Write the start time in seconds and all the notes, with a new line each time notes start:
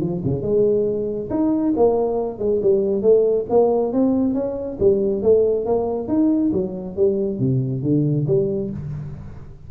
0.00 F3
0.24 C#3
0.42 G#3
1.30 D#4
1.76 A#3
2.38 G#3
2.62 G3
3.02 A3
3.49 A#3
3.92 C4
4.34 C#4
4.79 G3
5.22 A3
5.65 A#3
6.08 D#4
6.53 F#3
6.96 G3
7.39 C3
7.82 D3
8.27 G3